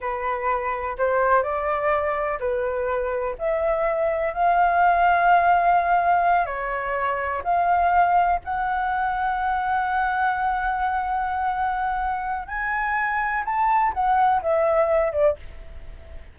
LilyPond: \new Staff \with { instrumentName = "flute" } { \time 4/4 \tempo 4 = 125 b'2 c''4 d''4~ | d''4 b'2 e''4~ | e''4 f''2.~ | f''4. cis''2 f''8~ |
f''4. fis''2~ fis''8~ | fis''1~ | fis''2 gis''2 | a''4 fis''4 e''4. d''8 | }